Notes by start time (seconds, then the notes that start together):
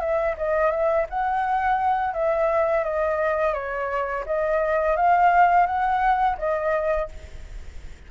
0.00 E5
0.38 D#5
0.71 E5
1.10 F#5
2.14 E5
2.84 D#5
3.54 C#5
4.26 D#5
4.97 F5
5.67 F#5
6.38 D#5